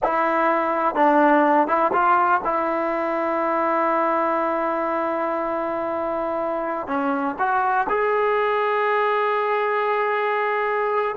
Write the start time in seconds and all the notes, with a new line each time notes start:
0.03 E4
0.95 D4
1.67 E4
1.92 F4
2.44 E4
6.87 C#4
7.38 F#4
7.89 G#4